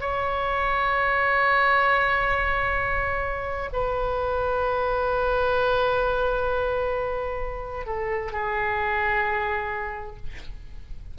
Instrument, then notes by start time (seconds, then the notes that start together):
oboe
0.00 C#5
3.72 B4
7.85 A4
8.32 G#4